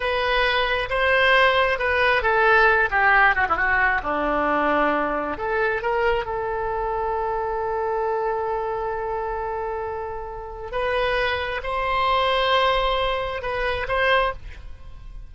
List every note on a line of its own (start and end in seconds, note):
0.00 0.89 B4
0.89 1.78 C5
1.78 2.22 B4
2.22 2.89 A4
2.90 3.35 G4
3.35 3.46 F#4
3.48 3.56 E4
3.56 4.01 F#4
4.03 5.37 D4
5.37 5.82 A4
5.82 6.25 A#4
6.25 10.71 A4
10.71 11.61 B4
11.63 13.42 C5
13.42 13.87 B4
13.88 14.33 C5